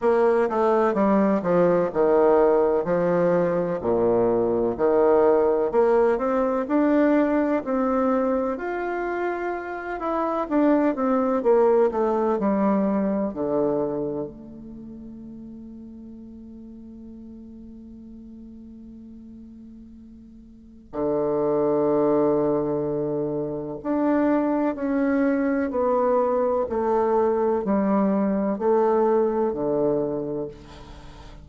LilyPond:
\new Staff \with { instrumentName = "bassoon" } { \time 4/4 \tempo 4 = 63 ais8 a8 g8 f8 dis4 f4 | ais,4 dis4 ais8 c'8 d'4 | c'4 f'4. e'8 d'8 c'8 | ais8 a8 g4 d4 a4~ |
a1~ | a2 d2~ | d4 d'4 cis'4 b4 | a4 g4 a4 d4 | }